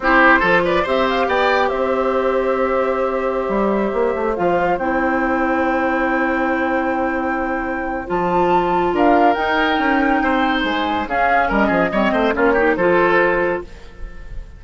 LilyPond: <<
  \new Staff \with { instrumentName = "flute" } { \time 4/4 \tempo 4 = 141 c''4. d''8 e''8 f''8 g''4 | e''1~ | e''2~ e''16 f''4 g''8.~ | g''1~ |
g''2. a''4~ | a''4 f''4 g''2~ | g''4 gis''4 f''4 dis''4~ | dis''4 cis''4 c''2 | }
  \new Staff \with { instrumentName = "oboe" } { \time 4/4 g'4 a'8 b'8 c''4 d''4 | c''1~ | c''1~ | c''1~ |
c''1~ | c''4 ais'2. | c''2 gis'4 ais'8 gis'8 | cis''8 c''8 f'8 g'8 a'2 | }
  \new Staff \with { instrumentName = "clarinet" } { \time 4/4 e'4 f'4 g'2~ | g'1~ | g'2~ g'16 f'4 e'8.~ | e'1~ |
e'2. f'4~ | f'2 dis'2~ | dis'2 cis'2 | c'4 cis'8 dis'8 f'2 | }
  \new Staff \with { instrumentName = "bassoon" } { \time 4/4 c'4 f4 c'4 b4 | c'1~ | c'16 g4 ais8 a8 f4 c'8.~ | c'1~ |
c'2. f4~ | f4 d'4 dis'4 cis'4 | c'4 gis4 cis'4 g8 f8 | g8 a8 ais4 f2 | }
>>